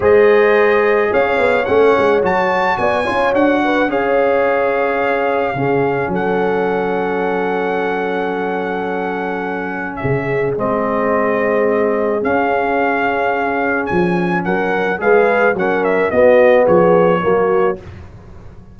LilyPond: <<
  \new Staff \with { instrumentName = "trumpet" } { \time 4/4 \tempo 4 = 108 dis''2 f''4 fis''4 | a''4 gis''4 fis''4 f''4~ | f''2. fis''4~ | fis''1~ |
fis''2 e''4 dis''4~ | dis''2 f''2~ | f''4 gis''4 fis''4 f''4 | fis''8 e''8 dis''4 cis''2 | }
  \new Staff \with { instrumentName = "horn" } { \time 4/4 c''2 cis''2~ | cis''4 d''8 cis''4 b'8 cis''4~ | cis''2 gis'4 a'4~ | a'1~ |
a'2 gis'2~ | gis'1~ | gis'2 ais'4 b'4 | ais'4 fis'4 gis'4 fis'4 | }
  \new Staff \with { instrumentName = "trombone" } { \time 4/4 gis'2. cis'4 | fis'4. f'8 fis'4 gis'4~ | gis'2 cis'2~ | cis'1~ |
cis'2. c'4~ | c'2 cis'2~ | cis'2. gis'4 | cis'4 b2 ais4 | }
  \new Staff \with { instrumentName = "tuba" } { \time 4/4 gis2 cis'8 b8 a8 gis8 | fis4 b8 cis'8 d'4 cis'4~ | cis'2 cis4 fis4~ | fis1~ |
fis2 cis4 gis4~ | gis2 cis'2~ | cis'4 f4 fis4 gis4 | fis4 b4 f4 fis4 | }
>>